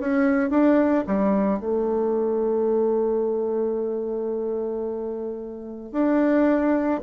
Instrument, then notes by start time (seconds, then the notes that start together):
bassoon
0.00 C#4
0.51 D4
1.07 G3
1.60 A3
5.92 D4